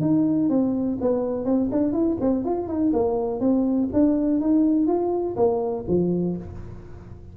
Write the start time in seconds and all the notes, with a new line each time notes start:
0.00 D#4
0.49 C4
1.01 B3
1.44 C4
1.71 D4
1.92 E4
2.20 C4
2.44 F4
2.67 D#4
2.92 A#3
3.40 C4
3.92 D4
4.40 D#4
4.86 F4
5.36 A#3
5.87 F3